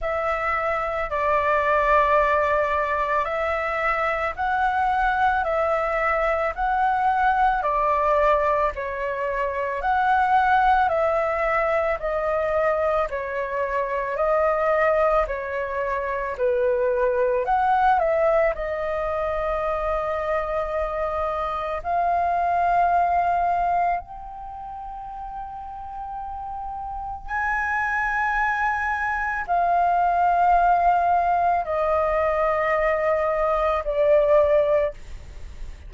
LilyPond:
\new Staff \with { instrumentName = "flute" } { \time 4/4 \tempo 4 = 55 e''4 d''2 e''4 | fis''4 e''4 fis''4 d''4 | cis''4 fis''4 e''4 dis''4 | cis''4 dis''4 cis''4 b'4 |
fis''8 e''8 dis''2. | f''2 g''2~ | g''4 gis''2 f''4~ | f''4 dis''2 d''4 | }